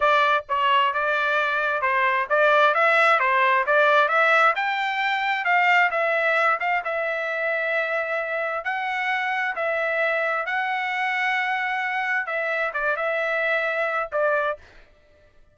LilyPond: \new Staff \with { instrumentName = "trumpet" } { \time 4/4 \tempo 4 = 132 d''4 cis''4 d''2 | c''4 d''4 e''4 c''4 | d''4 e''4 g''2 | f''4 e''4. f''8 e''4~ |
e''2. fis''4~ | fis''4 e''2 fis''4~ | fis''2. e''4 | d''8 e''2~ e''8 d''4 | }